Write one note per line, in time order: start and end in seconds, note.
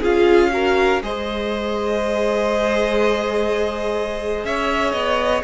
0.00 1.01 C#4
0.00 0.51 F4
0.00 0.49 G#4
0.00 1.02 F5
0.51 1.00 F#4
0.51 1.02 A#4
1.01 4.44 G#3
1.01 5.43 G#4
1.01 4.46 C5
1.01 4.45 D#5
4.44 4.93 C#4
4.44 5.43 C#5
4.44 4.92 E5
4.92 5.42 B3
4.92 5.41 D#5